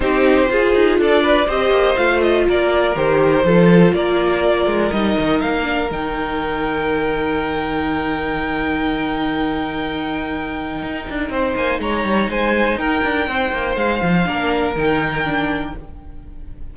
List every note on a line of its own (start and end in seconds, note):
0.00 0.49 C4
0.00 0.47 D#4
0.00 0.50 G4
0.00 0.98 C5
0.47 1.45 F4
0.47 0.74 F4
0.47 1.00 G#4
0.74 0.98 D#4
0.98 1.47 D4
0.98 1.22 A4
0.98 1.50 D5
1.22 1.46 B4
1.46 1.70 C4
1.46 1.95 G4
1.46 2.45 C5
1.46 1.96 D#5
1.70 1.95 A#3
1.95 2.47 A3
1.95 2.94 F4
1.95 2.20 F5
2.21 2.45 D#5
2.47 2.95 A#3
2.47 3.45 A#4
2.47 2.95 D5
2.95 3.44 D#3
2.95 3.44 G4
2.95 3.93 C5
3.44 3.92 F3
3.44 4.92 F4
3.44 3.94 A4
3.92 4.66 A#3
3.92 11.31 A#4
3.92 4.92 D5
4.66 4.90 G#3
4.91 5.16 G3
4.91 5.63 D#4
4.91 5.40 D#5
5.18 5.42 D#3
5.40 5.90 A#3
5.40 5.90 F5
5.63 5.88 D4
5.90 10.82 D#3
5.90 14.25 D#4
5.90 11.56 G5
10.82 11.07 D#4
11.09 11.29 D4
11.29 11.54 C4
11.29 11.80 C5
11.55 11.79 A#3
11.55 11.80 G#5
11.79 12.03 G#3
11.79 12.30 C#5
11.79 12.30 A#5
12.03 12.28 G3
12.28 12.76 G#3
12.28 12.79 C5
12.28 12.77 G#5
12.76 13.00 D#4
12.76 13.28 A#4
12.76 13.75 G5
13.03 13.27 D4
13.27 13.52 C4
13.27 14.27 C5
13.52 13.76 A#3
13.76 14.00 G#3
13.76 14.74 F5
14.02 14.26 F3
14.25 14.75 A#3
14.25 14.74 D4
14.25 15.75 A#4
14.75 15.73 D#3
14.75 15.24 D#4
14.75 15.76 G5
15.24 15.73 D4